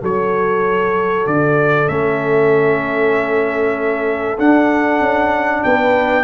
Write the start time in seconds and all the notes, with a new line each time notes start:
0.00 F#3 F#4 A4 C#5
1.26 D3 D5
1.87 A3 C#4 E5
4.38 D4 F#5
5.00 C#4
5.63 B3 B4 G5